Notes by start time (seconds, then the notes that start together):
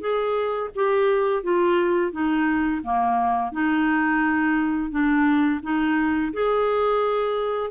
0.00 G#4
0.75 G4
1.43 F4
2.12 D#4
2.84 A#3
3.52 D#4
4.91 D4
5.63 D#4
6.33 G#4